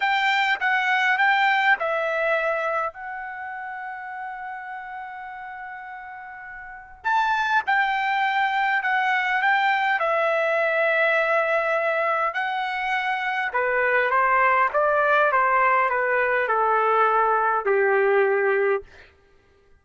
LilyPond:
\new Staff \with { instrumentName = "trumpet" } { \time 4/4 \tempo 4 = 102 g''4 fis''4 g''4 e''4~ | e''4 fis''2.~ | fis''1 | a''4 g''2 fis''4 |
g''4 e''2.~ | e''4 fis''2 b'4 | c''4 d''4 c''4 b'4 | a'2 g'2 | }